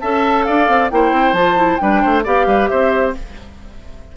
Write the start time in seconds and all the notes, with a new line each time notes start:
0.00 C#4 A4 E5 A5
0.44 D4 D5 F5
0.68 C4
0.90 A#3 E4 C5 G5
1.12 C4
1.33 F3 F4 A5
1.56 E4
1.76 G3 D4 B4 G5
2.01 A3 C5
2.24 B3 G4 D5 F5
2.46 G3 B4
2.68 C4 C5 E5